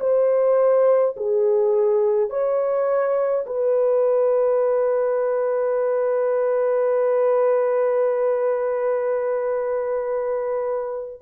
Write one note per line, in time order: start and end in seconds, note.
0.00 1.15 C5
1.17 2.30 G#4
2.30 3.46 C#5
3.46 11.22 B4